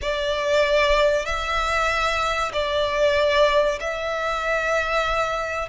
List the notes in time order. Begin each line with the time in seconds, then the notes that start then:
0.01 D5
1.25 E5
2.52 D5
3.80 E5